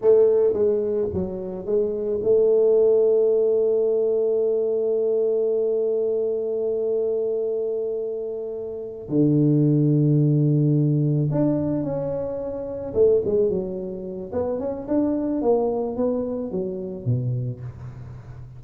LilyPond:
\new Staff \with { instrumentName = "tuba" } { \time 4/4 \tempo 4 = 109 a4 gis4 fis4 gis4 | a1~ | a1~ | a1~ |
a8 d2.~ d8~ | d8 d'4 cis'2 a8 | gis8 fis4. b8 cis'8 d'4 | ais4 b4 fis4 b,4 | }